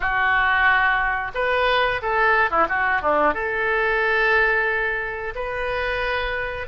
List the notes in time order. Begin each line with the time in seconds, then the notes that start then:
0.00 F#4
1.34 B4
2.02 A4
2.50 E4
2.68 F#4
3.01 D4
3.34 A4
5.35 B4